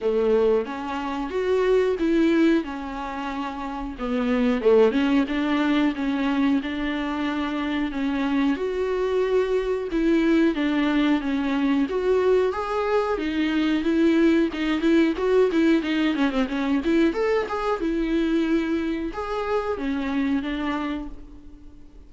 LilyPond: \new Staff \with { instrumentName = "viola" } { \time 4/4 \tempo 4 = 91 a4 cis'4 fis'4 e'4 | cis'2 b4 a8 cis'8 | d'4 cis'4 d'2 | cis'4 fis'2 e'4 |
d'4 cis'4 fis'4 gis'4 | dis'4 e'4 dis'8 e'8 fis'8 e'8 | dis'8 cis'16 c'16 cis'8 e'8 a'8 gis'8 e'4~ | e'4 gis'4 cis'4 d'4 | }